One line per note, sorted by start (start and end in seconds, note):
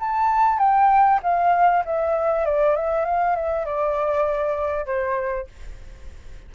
0.00 0.59 A5
0.59 1.20 G5
1.23 1.84 F5
1.85 2.46 E5
2.46 2.76 D5
2.76 3.05 E5
3.05 3.36 F5
3.36 3.65 E5
3.65 4.86 D5
4.86 5.47 C5